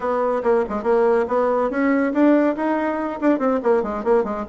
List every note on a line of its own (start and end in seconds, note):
0.00 0.42 B3
0.43 0.64 A#3
0.69 0.83 G#3
0.83 1.25 A#3
1.28 1.70 B3
1.70 2.12 C#4
2.13 2.55 D4
2.56 3.19 D#4
3.20 3.38 D4
3.38 3.60 C4
3.63 3.82 A#3
3.82 4.03 G#3
4.03 4.24 A#3
4.24 4.45 G#3